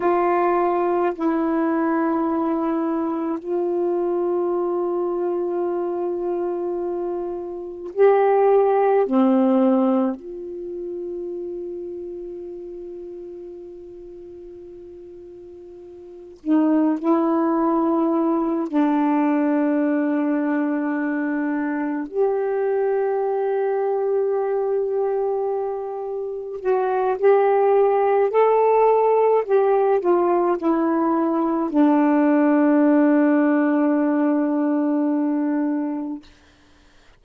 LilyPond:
\new Staff \with { instrumentName = "saxophone" } { \time 4/4 \tempo 4 = 53 f'4 e'2 f'4~ | f'2. g'4 | c'4 f'2.~ | f'2~ f'8 dis'8 e'4~ |
e'8 d'2. g'8~ | g'2.~ g'8 fis'8 | g'4 a'4 g'8 f'8 e'4 | d'1 | }